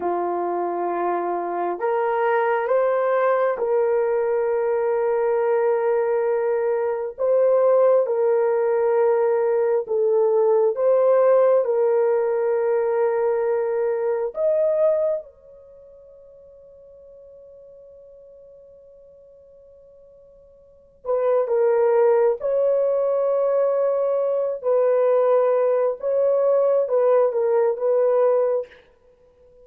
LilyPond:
\new Staff \with { instrumentName = "horn" } { \time 4/4 \tempo 4 = 67 f'2 ais'4 c''4 | ais'1 | c''4 ais'2 a'4 | c''4 ais'2. |
dis''4 cis''2.~ | cis''2.~ cis''8 b'8 | ais'4 cis''2~ cis''8 b'8~ | b'4 cis''4 b'8 ais'8 b'4 | }